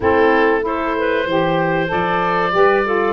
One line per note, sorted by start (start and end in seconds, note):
0.00 1.26 A3
0.00 0.61 C4
0.00 0.61 E4
0.00 0.65 A4
0.61 1.24 E4
0.61 0.97 A4
0.61 1.91 C5
0.97 1.27 B4
1.26 1.89 E3
1.26 1.87 G4
1.26 2.54 C5
1.87 2.54 F3
1.87 2.50 A4
1.87 3.12 D5
2.51 3.12 G3
2.51 2.82 G4
2.51 2.86 B4
2.84 3.12 F4
2.84 3.12 A4